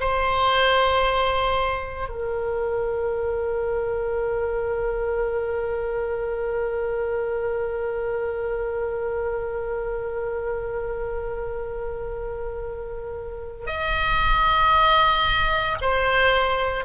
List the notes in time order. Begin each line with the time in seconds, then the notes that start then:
0.00 C5
2.08 A#4
13.66 D#5
15.81 C5